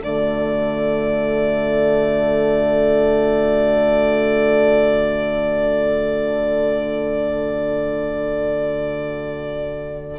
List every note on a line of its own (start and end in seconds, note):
0.00 10.20 D3
0.00 10.20 A3
0.00 10.19 F#4
0.00 10.20 D5